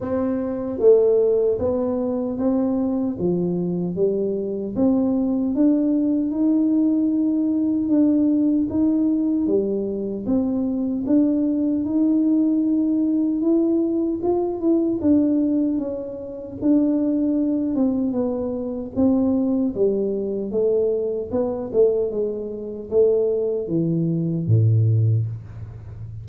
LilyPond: \new Staff \with { instrumentName = "tuba" } { \time 4/4 \tempo 4 = 76 c'4 a4 b4 c'4 | f4 g4 c'4 d'4 | dis'2 d'4 dis'4 | g4 c'4 d'4 dis'4~ |
dis'4 e'4 f'8 e'8 d'4 | cis'4 d'4. c'8 b4 | c'4 g4 a4 b8 a8 | gis4 a4 e4 a,4 | }